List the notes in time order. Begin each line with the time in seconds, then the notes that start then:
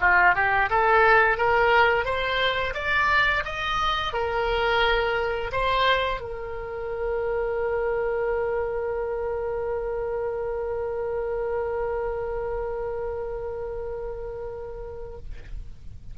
0.00 F4
0.35 G4
0.70 A4
1.37 A#4
2.04 C5
2.74 D5
3.45 D#5
4.13 A#4
5.52 C5
6.20 A#4